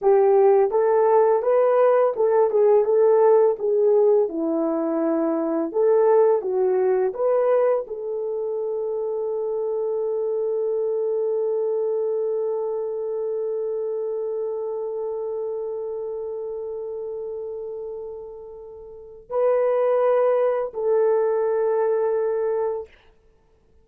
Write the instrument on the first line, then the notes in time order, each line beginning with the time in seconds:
horn
0.01 G4
0.70 A4
1.42 B4
2.16 A4
2.50 G#4
2.84 A4
3.58 G#4
4.29 E4
5.71 A4
6.41 F#4
7.13 B4
7.87 A4
19.29 B4
20.73 A4